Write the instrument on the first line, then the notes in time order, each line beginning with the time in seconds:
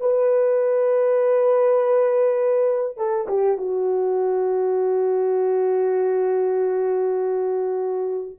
horn
0.00 B4
2.97 A4
3.28 G4
3.58 F#4